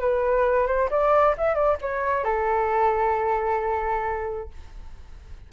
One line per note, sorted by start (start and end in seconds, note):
0.00 0.67 B4
0.67 0.89 C5
0.90 1.35 D5
1.37 1.54 E5
1.54 1.77 D5
1.81 2.24 C#5
2.24 4.49 A4